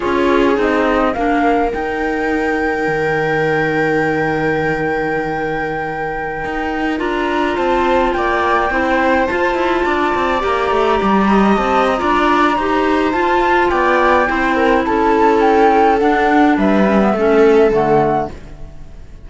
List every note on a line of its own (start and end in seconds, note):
0.00 0.57 C#4
0.00 0.55 F4
0.00 1.13 G#4
0.00 0.57 C#5
0.55 1.14 C4
0.55 1.12 D#4
0.61 1.13 D#5
1.13 1.73 A#3
1.13 1.69 D4
1.13 7.55 A#4
1.13 1.70 F5
1.69 6.97 D#4
1.69 2.87 D#4
1.69 6.99 G5
2.87 6.44 D#3
6.44 6.99 D#4
6.97 7.57 D4
6.97 8.68 F4
6.97 7.56 A#5
7.55 8.14 C4
7.55 8.12 C5
7.55 8.12 A5
8.12 8.70 A#3
8.12 8.70 D5
8.12 9.26 G5
8.70 9.27 C4
8.70 9.28 E4
8.70 9.85 C5
9.26 10.40 F4
9.26 9.54 F4
9.26 10.40 A5
9.54 9.83 E4
9.85 10.13 D4
9.85 11.28 D5
10.14 10.43 C4
10.40 10.70 A#3
10.40 11.97 G4
10.40 11.56 A#5
10.70 10.99 A3
11.02 11.57 G3
11.29 12.00 D#5
11.56 12.00 C4
11.56 11.85 A5
11.86 13.12 A#5
11.97 12.57 D4
11.97 12.54 F4
11.97 12.55 D5
12.55 13.13 D#4
12.55 13.13 G4
12.55 13.70 C5
13.12 14.26 F4
13.12 13.70 F4
13.12 13.69 A5
13.69 14.28 B3
13.69 14.27 D5
13.69 14.83 G5
14.26 14.86 C4
14.26 15.98 E4
14.26 14.55 C5
14.55 14.83 A#4
14.85 16.01 C#4
14.85 16.57 A4
14.85 15.40 A5
15.40 15.98 G5
15.99 16.85 D4
15.99 16.57 D4
15.99 16.56 F#5
16.57 17.13 G3
16.57 17.14 B4
16.57 17.72 E5
16.86 17.00 C#4
17.00 17.15 B3
17.13 17.70 A3
17.13 17.71 C#4
17.13 18.28 A4
17.70 18.27 D3
17.70 18.28 A3
17.70 18.30 F#5